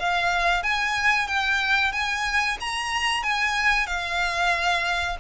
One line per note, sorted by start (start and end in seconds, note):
0.00 0.64 F5
0.64 1.28 G#5
1.28 1.93 G5
1.93 2.58 G#5
2.61 3.24 A#5
3.24 3.87 G#5
3.87 5.18 F5